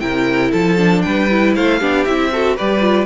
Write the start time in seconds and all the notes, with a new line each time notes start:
0.00 C3 E4 A#4 G5
0.52 F3 A4 A5
0.78 D4
1.02 G3 B4 G5
1.30 E4
1.56 A3 C5 F5
1.79 B3 D4 G4
2.05 C4 E4 E5
2.32 F#4 A4
2.57 G3 G4 B4 D5
2.81 F4